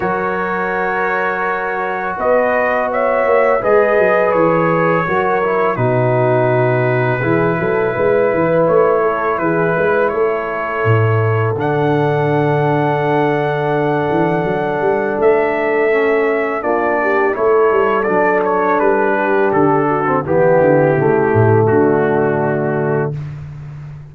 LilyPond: <<
  \new Staff \with { instrumentName = "trumpet" } { \time 4/4 \tempo 4 = 83 cis''2. dis''4 | e''4 dis''4 cis''2 | b'1 | cis''4 b'4 cis''2 |
fis''1~ | fis''4 e''2 d''4 | cis''4 d''8 cis''8 b'4 a'4 | g'2 fis'2 | }
  \new Staff \with { instrumentName = "horn" } { \time 4/4 ais'2. b'4 | cis''4 b'2 ais'4 | fis'2 gis'8 a'8 b'4~ | b'8 a'8 gis'8 b'8 a'2~ |
a'1~ | a'2. f'8 g'8 | a'2~ a'8 g'4 fis'8 | e'2 d'2 | }
  \new Staff \with { instrumentName = "trombone" } { \time 4/4 fis'1~ | fis'4 gis'2 fis'8 e'8 | dis'2 e'2~ | e'1 |
d'1~ | d'2 cis'4 d'4 | e'4 d'2~ d'8. c'16 | b4 a2. | }
  \new Staff \with { instrumentName = "tuba" } { \time 4/4 fis2. b4~ | b8 ais8 gis8 fis8 e4 fis4 | b,2 e8 fis8 gis8 e8 | a4 e8 gis8 a4 a,4 |
d2.~ d8 e8 | fis8 g8 a2 ais4 | a8 g8 fis4 g4 d4 | e8 d8 cis8 a,8 d2 | }
>>